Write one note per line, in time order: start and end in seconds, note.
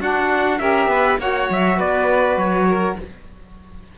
0.00 0.60 D4
0.00 0.59 F#4
0.00 0.59 F#5
0.59 0.88 C#4
0.59 1.20 G4
0.59 0.90 A#4
0.59 1.19 E5
0.88 1.17 B3
0.88 1.20 B4
1.19 1.49 A#3
1.19 2.98 F#4
1.19 1.78 C#5
1.19 1.51 F#5
1.50 1.80 F#3
1.50 1.80 E5
1.78 2.37 B3
1.78 2.67 B4
1.78 2.38 D5
2.37 2.96 F#3
2.37 2.98 C#5
2.69 2.98 A#4